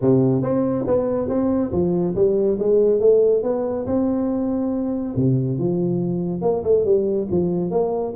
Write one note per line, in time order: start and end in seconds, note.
0.01 0.42 C3
0.42 0.85 C4
0.86 1.28 B3
1.28 1.71 C4
1.71 2.14 F3
2.15 2.58 G3
2.59 3.00 G#3
3.00 3.42 A3
3.43 3.86 B3
3.86 5.14 C4
5.15 5.58 C3
5.58 6.41 F3
6.41 6.63 A#3
6.63 6.85 A3
6.85 7.27 G3
7.31 7.70 F3
7.70 8.13 A#3